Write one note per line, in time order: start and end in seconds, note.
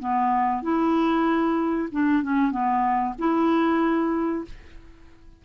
0.00 0.63 B3
0.63 1.89 E4
1.92 2.23 D4
2.23 2.52 C#4
2.52 3.15 B3
3.19 4.45 E4